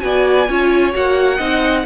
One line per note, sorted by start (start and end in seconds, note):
0.00 0.48 B3
0.00 0.46 F#4
0.00 0.50 D5
0.00 0.92 G#5
0.48 0.94 C#4
0.48 0.92 F4
0.48 1.36 C#5
0.92 1.39 A#3
0.92 1.38 F#4
0.92 1.85 F#5
1.36 1.85 C4
1.36 1.84 D#4
1.36 1.82 D#5